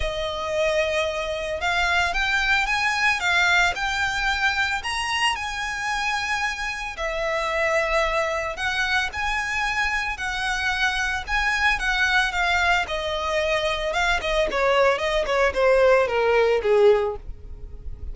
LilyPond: \new Staff \with { instrumentName = "violin" } { \time 4/4 \tempo 4 = 112 dis''2. f''4 | g''4 gis''4 f''4 g''4~ | g''4 ais''4 gis''2~ | gis''4 e''2. |
fis''4 gis''2 fis''4~ | fis''4 gis''4 fis''4 f''4 | dis''2 f''8 dis''8 cis''4 | dis''8 cis''8 c''4 ais'4 gis'4 | }